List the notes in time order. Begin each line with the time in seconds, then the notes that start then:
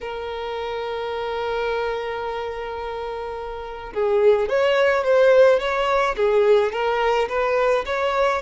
0.00 A#4
3.93 G#4
4.48 C#5
5.04 C5
5.59 C#5
6.16 G#4
6.72 A#4
7.28 B4
7.85 C#5